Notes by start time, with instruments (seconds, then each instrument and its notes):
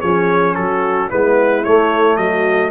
0.00 tuba F3, trombone C#4, horn G#4, trumpet C#5
0.55 tuba F#3, horn F#4, trumpet A4
1.10 tuba G#3, trombone B3, horn E4, trumpet B4
1.65 trombone A3, tuba A3, trumpet C#5
2.17 tuba F#3, horn F#4, trumpet D#5